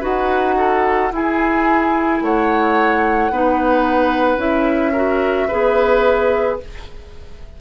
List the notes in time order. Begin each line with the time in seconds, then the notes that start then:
0.00 D#4 F#4 B4 F#5
0.57 A4
1.11 E4 G#4 G#5
2.21 A3 C#5 F#5
3.30 B3 D#4 B4
4.37 C#4 E4 E5
4.92 F#4 A#4
5.48 B3 G#4 B4